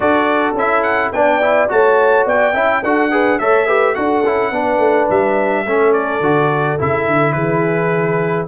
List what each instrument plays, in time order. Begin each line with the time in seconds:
0.00 tuba D4, trombone F#4, horn A4, trumpet D5
0.53 tuba C#4, trombone E4, trumpet E5
0.83 trumpet F#5
1.12 tuba B3, trombone D4, horn D5, trumpet G5
1.42 trombone E4
1.68 tuba A3, trombone F#4, horn C#5, trumpet A5
2.26 tuba B3, horn D5, trumpet G5
2.53 tuba C#4, trombone E4, horn E5
2.83 tuba D4, trombone F#4, horn A4, trumpet F#5
3.11 trombone G#4, horn B4
3.38 tuba A3, trombone A4, horn C#5, trumpet E5
3.66 trombone G4, horn B4
3.95 tuba D4, trombone F#4, horn A4, trumpet F#5
4.23 tuba C#4, trombone E4
4.51 tuba B3, trombone D4, horn B4
4.78 tuba A3
5.10 tuba G3, trumpet E5
5.65 tuba A3, trombone C#4, horn A4
5.92 trumpet D5
6.20 tuba D3, trombone F#4
6.78 tuba C#3, trombone E4, trumpet E5
7.06 tuba D3
7.32 tuba E3, horn G#4, trumpet B4